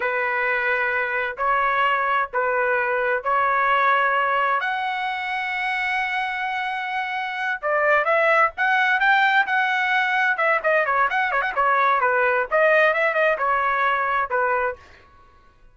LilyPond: \new Staff \with { instrumentName = "trumpet" } { \time 4/4 \tempo 4 = 130 b'2. cis''4~ | cis''4 b'2 cis''4~ | cis''2 fis''2~ | fis''1~ |
fis''8 d''4 e''4 fis''4 g''8~ | g''8 fis''2 e''8 dis''8 cis''8 | fis''8 cis''16 fis''16 cis''4 b'4 dis''4 | e''8 dis''8 cis''2 b'4 | }